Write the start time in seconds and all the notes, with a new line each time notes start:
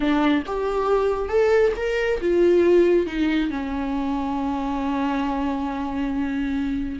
0.00 D4
0.46 G4
1.28 A4
1.76 A#4
2.20 F4
3.06 D#4
3.50 C#4